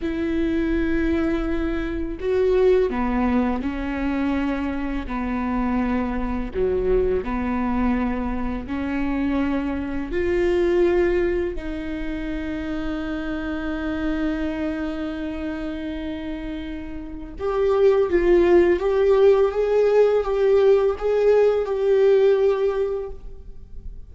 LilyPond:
\new Staff \with { instrumentName = "viola" } { \time 4/4 \tempo 4 = 83 e'2. fis'4 | b4 cis'2 b4~ | b4 fis4 b2 | cis'2 f'2 |
dis'1~ | dis'1 | g'4 f'4 g'4 gis'4 | g'4 gis'4 g'2 | }